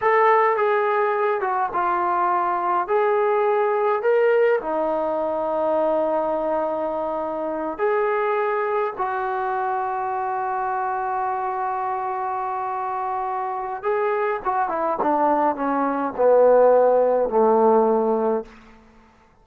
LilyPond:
\new Staff \with { instrumentName = "trombone" } { \time 4/4 \tempo 4 = 104 a'4 gis'4. fis'8 f'4~ | f'4 gis'2 ais'4 | dis'1~ | dis'4. gis'2 fis'8~ |
fis'1~ | fis'1 | gis'4 fis'8 e'8 d'4 cis'4 | b2 a2 | }